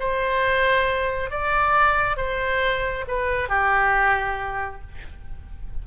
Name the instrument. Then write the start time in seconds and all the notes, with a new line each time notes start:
oboe
0.00 C5
1.31 D5
2.18 C5
3.08 B4
3.49 G4